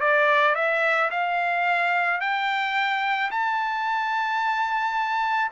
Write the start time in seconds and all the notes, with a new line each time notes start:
0.00 D5
0.55 E5
1.11 F5
2.20 G5
3.31 A5